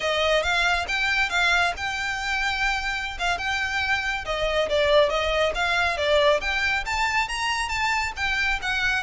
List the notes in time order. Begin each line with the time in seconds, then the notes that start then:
0.00 D#5
0.42 F5
0.88 G5
1.29 F5
1.76 G5
3.18 F5
3.38 G5
4.25 D#5
4.69 D5
5.09 D#5
5.54 F5
5.97 D5
6.41 G5
6.85 A5
7.28 A#5
7.68 A5
8.16 G5
8.61 F#5